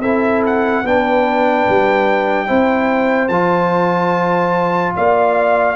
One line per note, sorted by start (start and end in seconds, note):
0.00 0.82 C4
0.00 0.84 E4
0.00 0.83 A4
0.00 0.42 E5
0.46 0.86 F#5
0.84 1.66 B3
0.84 2.47 D4
0.84 2.47 B4
0.84 3.28 G5
1.68 2.49 G3
2.47 3.29 C4
2.47 3.29 E4
2.47 4.93 C5
3.28 4.93 F3
3.28 5.76 F4
3.28 4.92 A5
4.96 5.76 A#3
4.96 5.76 D5
4.96 5.76 F5